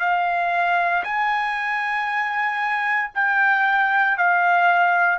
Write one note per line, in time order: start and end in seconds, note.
0.00 1.03 F5
1.03 3.10 G#5
3.15 4.18 G5
4.18 5.19 F5